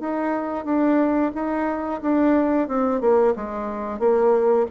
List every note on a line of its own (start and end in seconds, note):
0.00 0.65 D#4
0.65 1.32 D4
1.34 2.01 D#4
2.02 2.68 D4
2.68 3.01 C4
3.01 3.34 A#3
3.35 3.99 G#3
3.99 4.66 A#3